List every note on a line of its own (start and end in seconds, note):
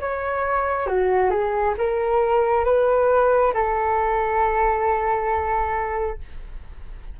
0.00 0.87 C#5
0.87 1.30 F#4
1.30 1.74 G#4
1.78 2.65 A#4
2.65 3.53 B4
3.54 6.18 A4